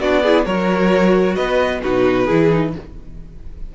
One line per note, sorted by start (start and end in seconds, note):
0.00 0.46 B3
0.00 0.25 D4
0.00 0.23 F#4
0.00 0.45 D5
0.23 0.45 E4
0.23 0.46 G#4
0.45 1.37 F#3
0.45 1.81 F#4
0.45 1.35 A#4
0.45 1.35 C#5
1.35 1.83 B3
1.35 1.80 B4
1.35 1.80 D#5
1.82 2.29 B2
1.82 2.28 D#4
1.82 2.25 F#4
1.82 2.74 B4
2.25 2.75 E3
2.25 2.51 E4
2.25 2.70 G#4
2.51 2.73 D#4